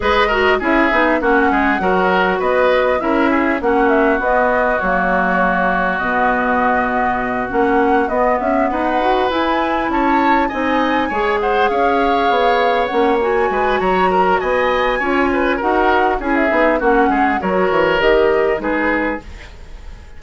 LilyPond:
<<
  \new Staff \with { instrumentName = "flute" } { \time 4/4 \tempo 4 = 100 dis''4 e''4 fis''2 | dis''4 e''4 fis''8 e''8 dis''4 | cis''2 dis''2~ | dis''8 fis''4 dis''8 e''8 fis''4 gis''8~ |
gis''8 a''4 gis''4. fis''8 f''8~ | f''4. fis''8 gis''4 ais''4 | gis''2 fis''4 gis''16 e''8. | fis''4 cis''4 dis''4 b'4 | }
  \new Staff \with { instrumentName = "oboe" } { \time 4/4 b'8 ais'8 gis'4 fis'8 gis'8 ais'4 | b'4 ais'8 gis'8 fis'2~ | fis'1~ | fis'2~ fis'8 b'4.~ |
b'8 cis''4 dis''4 cis''8 c''8 cis''8~ | cis''2~ cis''8 b'8 cis''8 ais'8 | dis''4 cis''8 b'8 ais'4 gis'4 | fis'8 gis'8 ais'2 gis'4 | }
  \new Staff \with { instrumentName = "clarinet" } { \time 4/4 gis'8 fis'8 e'8 dis'8 cis'4 fis'4~ | fis'4 e'4 cis'4 b4 | ais2 b2~ | b8 cis'4 b4. fis'8 e'8~ |
e'4. dis'4 gis'4.~ | gis'4. cis'8 fis'2~ | fis'4 f'4 fis'4 e'8 dis'8 | cis'4 fis'4 g'4 dis'4 | }
  \new Staff \with { instrumentName = "bassoon" } { \time 4/4 gis4 cis'8 b8 ais8 gis8 fis4 | b4 cis'4 ais4 b4 | fis2 b,2~ | b,8 ais4 b8 cis'8 dis'4 e'8~ |
e'8 cis'4 c'4 gis4 cis'8~ | cis'8 b4 ais4 gis8 fis4 | b4 cis'4 dis'4 cis'8 b8 | ais8 gis8 fis8 e8 dis4 gis4 | }
>>